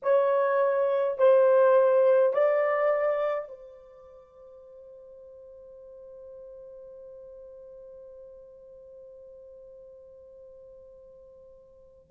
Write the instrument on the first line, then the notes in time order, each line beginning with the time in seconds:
horn
0.02 C#5
1.18 C5
2.33 D5
3.48 C5